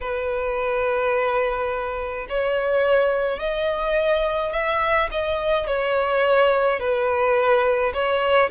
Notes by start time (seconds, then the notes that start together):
0.00 B4
2.29 C#5
3.39 D#5
4.52 E5
5.11 D#5
5.67 C#5
6.79 B4
7.93 C#5